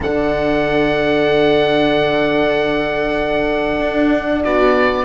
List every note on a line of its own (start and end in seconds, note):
0.00 3.79 D3
0.00 5.05 D4
0.00 4.43 A4
0.00 4.43 F#5
3.79 4.42 D4
4.43 5.05 B3
4.43 5.05 F#4
4.43 5.05 D5